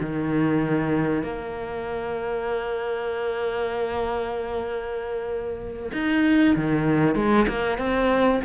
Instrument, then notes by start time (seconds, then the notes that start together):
cello
0.00 D#3
1.23 A#3
5.93 D#4
6.56 D#3
7.15 G#3
7.48 A#3
7.78 C4